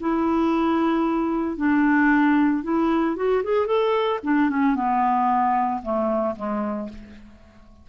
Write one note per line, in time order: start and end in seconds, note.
0.00 1.57 E4
1.57 2.63 D4
2.63 3.16 E4
3.16 3.42 F#4
3.43 3.66 G#4
3.66 4.19 A4
4.23 4.50 D4
4.50 4.75 C#4
4.75 5.81 B3
5.82 6.35 A3
6.36 6.89 G#3